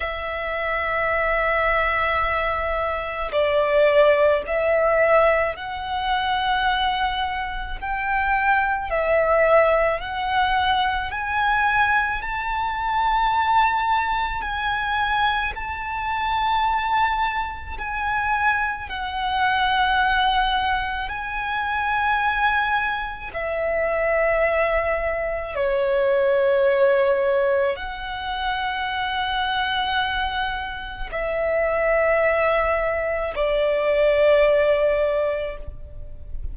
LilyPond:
\new Staff \with { instrumentName = "violin" } { \time 4/4 \tempo 4 = 54 e''2. d''4 | e''4 fis''2 g''4 | e''4 fis''4 gis''4 a''4~ | a''4 gis''4 a''2 |
gis''4 fis''2 gis''4~ | gis''4 e''2 cis''4~ | cis''4 fis''2. | e''2 d''2 | }